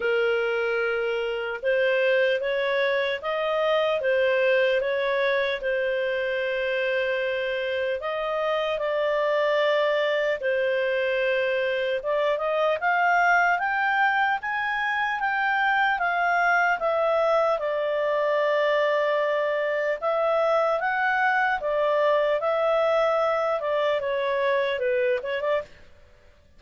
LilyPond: \new Staff \with { instrumentName = "clarinet" } { \time 4/4 \tempo 4 = 75 ais'2 c''4 cis''4 | dis''4 c''4 cis''4 c''4~ | c''2 dis''4 d''4~ | d''4 c''2 d''8 dis''8 |
f''4 g''4 gis''4 g''4 | f''4 e''4 d''2~ | d''4 e''4 fis''4 d''4 | e''4. d''8 cis''4 b'8 cis''16 d''16 | }